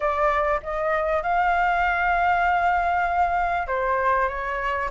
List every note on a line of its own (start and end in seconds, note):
0.00 0.60 D5
0.62 1.22 D#5
1.22 3.67 F5
3.67 4.28 C5
4.28 4.89 C#5